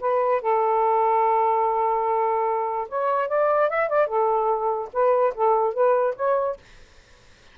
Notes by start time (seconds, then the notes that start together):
0.00 B4
0.41 A4
2.89 C#5
3.28 D5
3.69 E5
3.89 D5
4.07 A4
4.93 B4
5.35 A4
5.74 B4
6.16 C#5